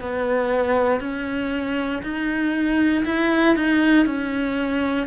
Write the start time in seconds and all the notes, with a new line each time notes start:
0.00 B3
1.00 C#4
2.02 D#4
3.05 E4
3.55 D#4
4.05 C#4